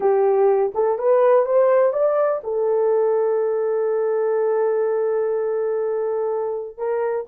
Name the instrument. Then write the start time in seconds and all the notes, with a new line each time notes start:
horn
0.00 G4
0.74 A4
0.98 B4
1.45 C5
1.92 D5
2.43 A4
6.77 A#4